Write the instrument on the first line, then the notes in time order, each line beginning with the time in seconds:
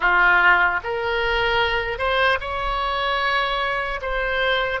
oboe
0.00 F4
0.83 A#4
1.98 C5
2.40 C#5
4.01 C5